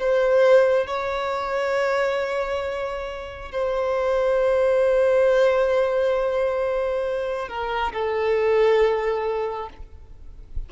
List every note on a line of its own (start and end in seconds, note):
0.00 0.87 C5
0.87 3.52 C#5
3.52 7.48 C5
7.48 7.93 A#4
7.93 9.70 A4